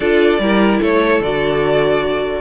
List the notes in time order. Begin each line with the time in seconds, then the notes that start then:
0.00 D4 F4 A4 D5
0.39 G3 E4 A#4
0.81 A3 A4 C#5
1.20 D3 F#4 D5